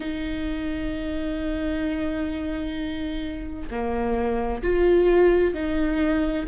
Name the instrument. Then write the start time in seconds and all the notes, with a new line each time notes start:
viola
0.00 D#4
3.70 A#3
4.62 F4
5.54 D#4